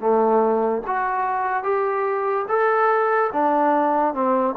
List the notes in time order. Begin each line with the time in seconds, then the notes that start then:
0.00 A3
0.87 F#4
1.63 G4
2.48 A4
3.33 D4
4.14 C4